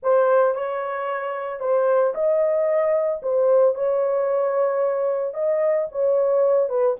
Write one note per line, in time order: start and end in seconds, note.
0.03 0.55 C5
0.55 1.60 C#5
1.60 2.13 C5
2.14 3.21 D#5
3.22 3.74 C5
3.74 5.34 C#5
5.34 5.87 D#5
5.91 6.69 C#5
6.69 6.96 B4